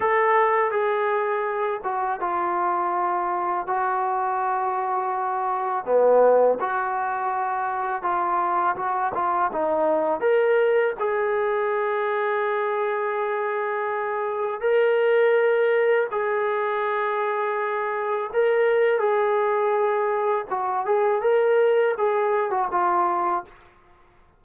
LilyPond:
\new Staff \with { instrumentName = "trombone" } { \time 4/4 \tempo 4 = 82 a'4 gis'4. fis'8 f'4~ | f'4 fis'2. | b4 fis'2 f'4 | fis'8 f'8 dis'4 ais'4 gis'4~ |
gis'1 | ais'2 gis'2~ | gis'4 ais'4 gis'2 | fis'8 gis'8 ais'4 gis'8. fis'16 f'4 | }